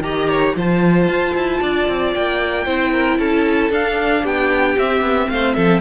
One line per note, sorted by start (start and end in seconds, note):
0.00 0.53 D#3
0.00 0.55 G4
0.00 0.29 D#5
0.00 0.54 A#5
0.29 0.55 C#5
0.56 1.08 F3
0.56 2.67 F4
0.56 1.60 C5
0.56 2.13 A5
1.08 1.34 F4
1.34 1.61 E4
1.60 1.88 D4
1.60 2.64 D5
1.88 2.14 C4
2.13 2.66 A#3
2.13 3.18 G5
2.64 3.19 C4
2.64 3.71 E4
2.64 2.91 C5
2.92 3.18 A#4
3.18 3.70 C#4
3.18 4.22 A4
3.18 3.71 A5
3.70 4.23 D4
3.70 4.77 D4
3.70 4.26 F5
4.22 4.76 B3
4.22 5.27 G4
4.22 4.78 G5
4.78 5.01 C4
4.78 5.81 C4
4.78 5.28 E5
5.01 5.27 B3
5.28 5.56 A3
5.28 5.55 C5
5.28 5.54 F5
5.54 5.81 F3
5.54 5.81 A4
5.54 5.80 E5